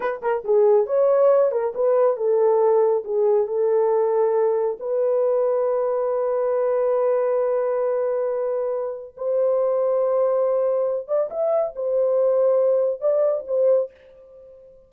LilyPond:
\new Staff \with { instrumentName = "horn" } { \time 4/4 \tempo 4 = 138 b'8 ais'8 gis'4 cis''4. ais'8 | b'4 a'2 gis'4 | a'2. b'4~ | b'1~ |
b'1~ | b'4 c''2.~ | c''4. d''8 e''4 c''4~ | c''2 d''4 c''4 | }